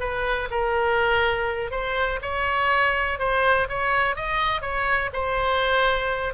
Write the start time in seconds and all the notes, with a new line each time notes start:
0.00 B4
0.51 A#4
1.71 C5
2.22 C#5
3.19 C5
3.69 C#5
4.16 D#5
4.62 C#5
5.13 C5